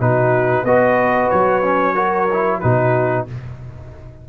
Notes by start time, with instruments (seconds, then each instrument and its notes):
0.00 tuba B2, trombone D#4, horn F#4, trumpet B4
0.64 tuba B3, trombone F#4, horn B4, trumpet D#5
1.30 tuba F#3, trumpet C#5
1.63 trombone C#4
1.94 trombone F#4, horn A#4
2.33 trombone E4
2.60 tuba B2, trombone D#4, horn F#4, trumpet B4